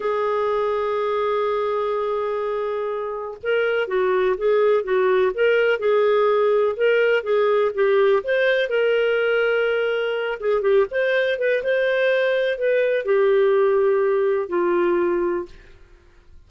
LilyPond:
\new Staff \with { instrumentName = "clarinet" } { \time 4/4 \tempo 4 = 124 gis'1~ | gis'2. ais'4 | fis'4 gis'4 fis'4 ais'4 | gis'2 ais'4 gis'4 |
g'4 c''4 ais'2~ | ais'4. gis'8 g'8 c''4 b'8 | c''2 b'4 g'4~ | g'2 f'2 | }